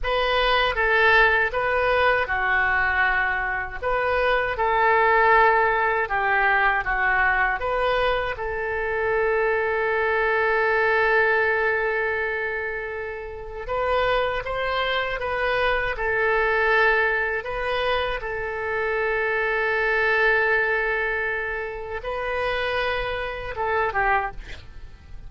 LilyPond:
\new Staff \with { instrumentName = "oboe" } { \time 4/4 \tempo 4 = 79 b'4 a'4 b'4 fis'4~ | fis'4 b'4 a'2 | g'4 fis'4 b'4 a'4~ | a'1~ |
a'2 b'4 c''4 | b'4 a'2 b'4 | a'1~ | a'4 b'2 a'8 g'8 | }